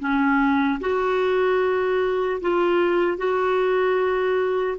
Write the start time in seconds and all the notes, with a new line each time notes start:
0.00 C#4
0.81 F#4
2.41 F4
3.18 F#4